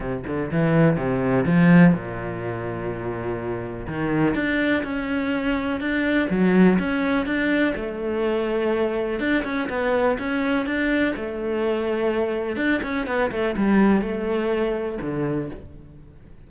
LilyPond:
\new Staff \with { instrumentName = "cello" } { \time 4/4 \tempo 4 = 124 c8 d8 e4 c4 f4 | ais,1 | dis4 d'4 cis'2 | d'4 fis4 cis'4 d'4 |
a2. d'8 cis'8 | b4 cis'4 d'4 a4~ | a2 d'8 cis'8 b8 a8 | g4 a2 d4 | }